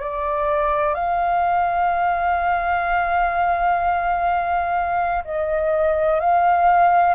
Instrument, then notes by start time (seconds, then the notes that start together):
flute
0.00 D5
0.94 F5
5.24 D#5
6.19 F5